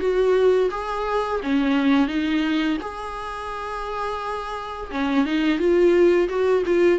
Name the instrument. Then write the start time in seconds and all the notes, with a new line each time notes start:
viola
0.00 F#4
0.71 G#4
1.43 C#4
2.08 D#4
2.81 G#4
4.91 C#4
5.26 D#4
5.59 F4
6.29 F#4
6.66 F4